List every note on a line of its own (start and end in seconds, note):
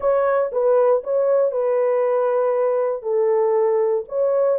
0.00 0.51 C#5
0.52 1.03 B4
1.03 1.51 C#5
1.51 3.02 B4
3.02 4.04 A4
4.08 4.59 C#5